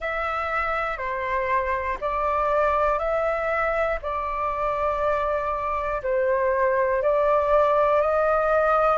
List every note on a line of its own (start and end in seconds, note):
0.00 0.97 E5
0.97 1.97 C5
2.00 2.99 D5
2.99 3.99 E5
4.01 6.01 D5
6.02 7.02 C5
7.02 8.01 D5
8.01 8.97 D#5